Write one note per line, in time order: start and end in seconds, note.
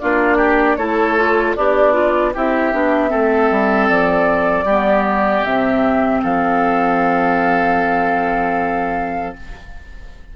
0.00 0.77 A#3
0.00 0.79 D4
0.00 0.37 F4
0.00 0.77 D5
0.37 0.76 G4
0.77 1.55 A3
0.77 1.18 E4
0.77 1.56 A4
0.77 1.55 C#5
1.18 1.57 F4
1.56 2.35 B3
1.56 2.34 D4
1.56 1.94 G4
1.56 2.34 D5
1.94 2.32 F4
2.34 2.74 C4
2.34 2.73 E4
2.34 3.11 G4
2.34 3.89 E5
2.73 3.12 B3
2.73 3.09 D4
3.09 3.51 A3
3.09 4.65 C4
3.09 4.66 A4
3.51 3.90 G3
3.89 4.64 F3
3.89 5.44 D5
4.64 5.42 G3
4.64 6.21 G4
4.71 5.47 B3
5.44 6.24 C3
5.44 9.37 C4
5.44 6.22 E5
6.23 9.36 F3
6.23 9.35 A4
6.23 9.36 F5